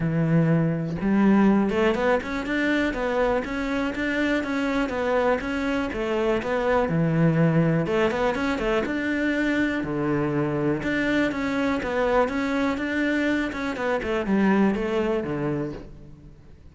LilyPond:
\new Staff \with { instrumentName = "cello" } { \time 4/4 \tempo 4 = 122 e2 g4. a8 | b8 cis'8 d'4 b4 cis'4 | d'4 cis'4 b4 cis'4 | a4 b4 e2 |
a8 b8 cis'8 a8 d'2 | d2 d'4 cis'4 | b4 cis'4 d'4. cis'8 | b8 a8 g4 a4 d4 | }